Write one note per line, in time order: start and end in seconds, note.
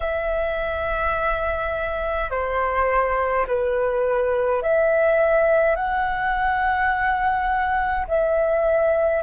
0.00 2.30 E5
2.30 3.46 C5
3.47 4.62 B4
4.62 5.75 E5
5.75 8.06 F#5
8.07 9.22 E5